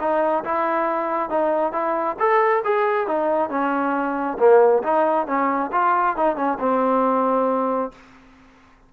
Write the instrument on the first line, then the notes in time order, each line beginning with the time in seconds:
trombone
0.00 D#4
0.45 E4
1.30 D#4
1.72 E4
2.19 A4
2.65 G#4
3.07 D#4
3.50 C#4
4.39 A#3
4.83 D#4
5.27 C#4
5.72 F4
6.17 D#4
6.36 C#4
6.60 C4